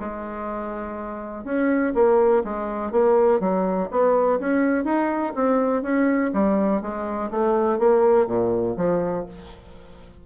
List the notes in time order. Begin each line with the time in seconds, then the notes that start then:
0.00 G#3
1.44 C#4
1.94 A#3
2.44 G#3
2.92 A#3
3.40 F#3
3.90 B3
4.39 C#4
4.84 D#4
5.35 C4
5.82 C#4
6.33 G3
6.82 G#3
7.31 A3
7.79 A#3
8.27 A#2
8.77 F3